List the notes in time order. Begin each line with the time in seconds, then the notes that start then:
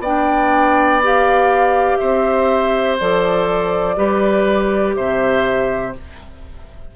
0.00 B3 D4 D5 G5
1.03 G4 F5
1.98 C4 C5 E5
3.00 F3 A4 D5
3.96 G3 G4 B4
4.96 C3 C5 E5